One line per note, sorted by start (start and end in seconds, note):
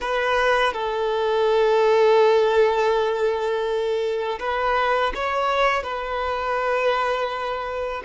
0.00 0.73 B4
0.73 4.39 A4
4.39 5.12 B4
5.15 5.83 C#5
5.83 8.02 B4